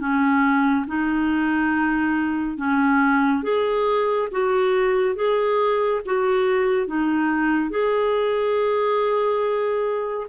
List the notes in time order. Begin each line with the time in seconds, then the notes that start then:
0.00 C#4
0.87 D#4
2.58 C#4
3.43 G#4
4.31 F#4
5.15 G#4
6.05 F#4
6.87 D#4
7.70 G#4